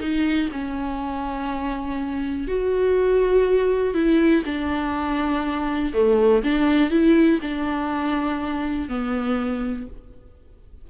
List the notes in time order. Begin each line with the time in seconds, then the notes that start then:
0.00 D#4
0.52 C#4
2.47 F#4
3.94 E4
4.45 D4
5.94 A3
6.43 D4
6.91 E4
7.42 D4
8.89 B3